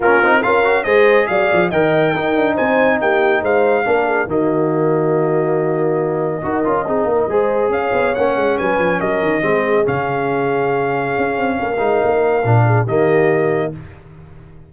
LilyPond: <<
  \new Staff \with { instrumentName = "trumpet" } { \time 4/4 \tempo 4 = 140 ais'4 f''4 dis''4 f''4 | g''2 gis''4 g''4 | f''2 dis''2~ | dis''1~ |
dis''2 f''4 fis''4 | gis''4 dis''2 f''4~ | f''1~ | f''2 dis''2 | }
  \new Staff \with { instrumentName = "horn" } { \time 4/4 f'4 ais'4 c''4 d''4 | dis''4 ais'4 c''4 g'4 | c''4 ais'8 gis'8 fis'2~ | fis'2. ais'4 |
gis'8 ais'8 c''4 cis''2 | b'4 ais'4 gis'2~ | gis'2. ais'4~ | ais'4. gis'8 g'2 | }
  \new Staff \with { instrumentName = "trombone" } { \time 4/4 cis'8 dis'8 f'8 fis'8 gis'2 | ais'4 dis'2.~ | dis'4 d'4 ais2~ | ais2. fis'8 f'8 |
dis'4 gis'2 cis'4~ | cis'2 c'4 cis'4~ | cis'2.~ cis'8 dis'8~ | dis'4 d'4 ais2 | }
  \new Staff \with { instrumentName = "tuba" } { \time 4/4 ais8 c'8 cis'4 gis4 fis8 f8 | dis4 dis'8 d'8 c'4 ais4 | gis4 ais4 dis2~ | dis2. dis'8 cis'8 |
c'8 ais8 gis4 cis'8 b8 ais8 gis8 | fis8 f8 fis8 dis8 gis4 cis4~ | cis2 cis'8 c'8 ais8 gis8 | ais4 ais,4 dis2 | }
>>